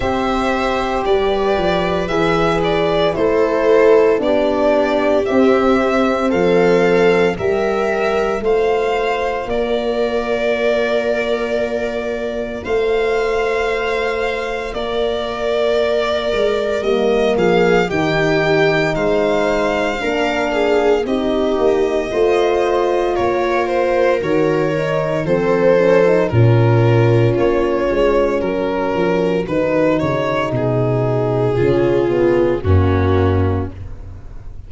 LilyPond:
<<
  \new Staff \with { instrumentName = "violin" } { \time 4/4 \tempo 4 = 57 e''4 d''4 e''8 d''8 c''4 | d''4 e''4 f''4 e''4 | f''4 d''2. | f''2 d''2 |
dis''8 f''8 g''4 f''2 | dis''2 cis''8 c''8 cis''4 | c''4 ais'4 cis''4 ais'4 | b'8 cis''8 gis'2 fis'4 | }
  \new Staff \with { instrumentName = "viola" } { \time 4/4 c''4 b'2 a'4 | g'2 a'4 ais'4 | c''4 ais'2. | c''2 ais'2~ |
ais'8 gis'8 g'4 c''4 ais'8 gis'8 | g'4 c''4 ais'2 | a'4 f'2 fis'4~ | fis'2 f'4 cis'4 | }
  \new Staff \with { instrumentName = "horn" } { \time 4/4 g'2 gis'4 e'4 | d'4 c'2 g'4 | f'1~ | f'1 |
ais4 dis'2 d'4 | dis'4 f'2 fis'8 dis'8 | c'8 cis'16 dis'16 cis'2. | dis'2 cis'8 b8 ais4 | }
  \new Staff \with { instrumentName = "tuba" } { \time 4/4 c'4 g8 f8 e4 a4 | b4 c'4 f4 g4 | a4 ais2. | a2 ais4. gis8 |
g8 f8 dis4 gis4 ais4 | c'8 ais8 a4 ais4 dis4 | f4 ais,4 ais8 gis8 fis8 f8 | dis8 cis8 b,4 cis4 fis,4 | }
>>